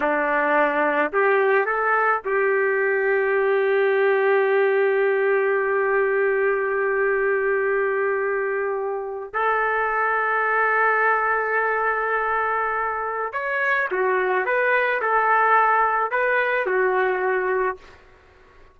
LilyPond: \new Staff \with { instrumentName = "trumpet" } { \time 4/4 \tempo 4 = 108 d'2 g'4 a'4 | g'1~ | g'1~ | g'1~ |
g'8. a'2.~ a'16~ | a'1 | cis''4 fis'4 b'4 a'4~ | a'4 b'4 fis'2 | }